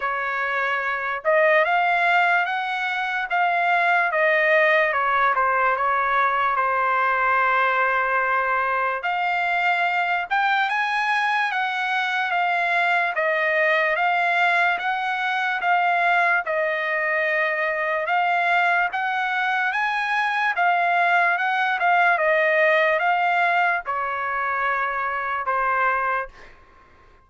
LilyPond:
\new Staff \with { instrumentName = "trumpet" } { \time 4/4 \tempo 4 = 73 cis''4. dis''8 f''4 fis''4 | f''4 dis''4 cis''8 c''8 cis''4 | c''2. f''4~ | f''8 g''8 gis''4 fis''4 f''4 |
dis''4 f''4 fis''4 f''4 | dis''2 f''4 fis''4 | gis''4 f''4 fis''8 f''8 dis''4 | f''4 cis''2 c''4 | }